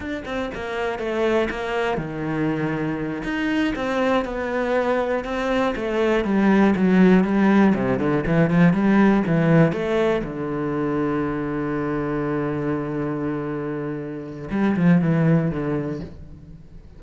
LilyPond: \new Staff \with { instrumentName = "cello" } { \time 4/4 \tempo 4 = 120 d'8 c'8 ais4 a4 ais4 | dis2~ dis8 dis'4 c'8~ | c'8 b2 c'4 a8~ | a8 g4 fis4 g4 c8 |
d8 e8 f8 g4 e4 a8~ | a8 d2.~ d8~ | d1~ | d4 g8 f8 e4 d4 | }